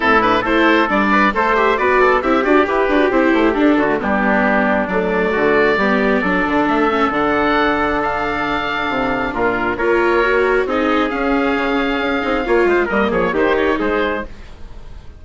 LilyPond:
<<
  \new Staff \with { instrumentName = "oboe" } { \time 4/4 \tempo 4 = 135 a'8 b'8 c''4 d''4 a'8 e''8 | d''4 e''8 d''8 b'4 c''4 | a'4 g'2 d''4~ | d''2. e''4 |
fis''2 f''2~ | f''4 ais'4 cis''2 | dis''4 f''2.~ | f''4 dis''8 cis''8 c''8 cis''8 c''4 | }
  \new Staff \with { instrumentName = "trumpet" } { \time 4/4 e'4 a'4. b'8 c''4 | b'8 a'8 g'2.~ | g'8 fis'8 d'2. | fis'4 g'4 a'2~ |
a'1~ | a'4 f'4 ais'2 | gis'1 | cis''8 c''8 ais'8 gis'8 g'4 gis'4 | }
  \new Staff \with { instrumentName = "viola" } { \time 4/4 c'8 d'8 e'4 d'4 a'8 g'8 | fis'4 e'8 fis'8 g'8 fis'8 e'4 | d'8. a16 b2 a4~ | a4 b4 d'4. cis'8 |
d'1~ | d'2 f'4 fis'4 | dis'4 cis'2~ cis'8 dis'8 | f'4 ais4 dis'2 | }
  \new Staff \with { instrumentName = "bassoon" } { \time 4/4 a,4 a4 g4 a4 | b4 c'8 d'8 e'8 d'8 c'8 a8 | d'8 d8 g2 fis4 | d4 g4 fis8 d8 a4 |
d1 | c4 ais,4 ais2 | c'4 cis'4 cis4 cis'8 c'8 | ais8 gis8 g8 f8 dis4 gis4 | }
>>